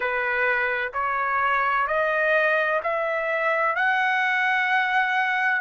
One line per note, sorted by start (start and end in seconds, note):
0.00 0.92 B4
0.93 1.87 C#5
1.87 2.80 D#5
2.83 3.75 E5
3.75 5.61 F#5